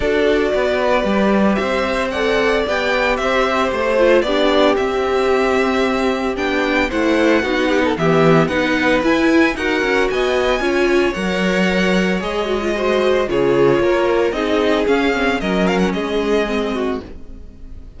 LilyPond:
<<
  \new Staff \with { instrumentName = "violin" } { \time 4/4 \tempo 4 = 113 d''2. e''4 | fis''4 g''4 e''4 c''4 | d''4 e''2. | g''4 fis''2 e''4 |
fis''4 gis''4 fis''4 gis''4~ | gis''4 fis''2 dis''4~ | dis''4 cis''2 dis''4 | f''4 dis''8 f''16 fis''16 dis''2 | }
  \new Staff \with { instrumentName = "violin" } { \time 4/4 a'4 b'2 c''4 | d''2 c''2 | g'1~ | g'4 c''4 fis'8 g'16 a'16 g'4 |
b'2 ais'4 dis''4 | cis''1 | c''4 gis'4 ais'4 gis'4~ | gis'4 ais'4 gis'4. fis'8 | }
  \new Staff \with { instrumentName = "viola" } { \time 4/4 fis'2 g'2 | a'4 g'2~ g'8 f'8 | d'4 c'2. | d'4 e'4 dis'4 b4 |
dis'4 e'4 fis'2 | f'4 ais'2 gis'8 fis'16 f'16 | fis'4 f'2 dis'4 | cis'8 c'8 cis'2 c'4 | }
  \new Staff \with { instrumentName = "cello" } { \time 4/4 d'4 b4 g4 c'4~ | c'4 b4 c'4 a4 | b4 c'2. | b4 a4 b4 e4 |
b4 e'4 dis'8 cis'8 b4 | cis'4 fis2 gis4~ | gis4 cis4 ais4 c'4 | cis'4 fis4 gis2 | }
>>